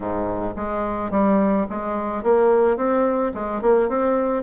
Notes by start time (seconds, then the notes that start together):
0.00 G#2
0.56 G#3
1.10 G3
1.69 G#3
2.23 A#3
2.76 C4
3.34 G#3
3.61 A#3
3.89 C4